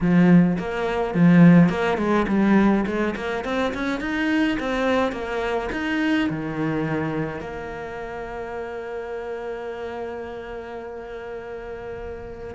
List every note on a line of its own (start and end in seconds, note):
0.00 0.57 F3
0.58 1.14 A#3
1.14 1.69 F3
1.69 1.97 A#3
1.97 2.26 G#3
2.28 2.85 G3
2.86 3.15 G#3
3.16 3.44 A#3
3.44 3.73 C4
3.74 4.00 C#4
4.00 4.57 D#4
4.59 5.12 C4
5.12 5.69 A#3
5.72 6.29 D#4
6.29 7.40 D#3
7.40 12.54 A#3